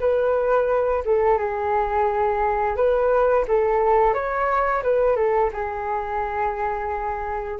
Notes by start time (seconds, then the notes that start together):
0.00 B4
1.05 A4
1.39 G#4
2.76 B4
3.48 A4
4.14 C#5
4.83 B4
5.16 A4
5.53 G#4